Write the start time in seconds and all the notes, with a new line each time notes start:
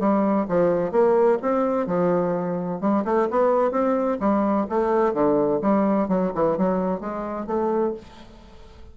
0.00 G3
0.49 F3
0.92 A#3
1.42 C4
1.87 F3
2.81 G3
3.05 A3
3.31 B3
3.71 C4
4.20 G3
4.70 A3
5.14 D3
5.62 G3
6.09 F#3
6.35 E3
6.58 F#3
7.01 G#3
7.47 A3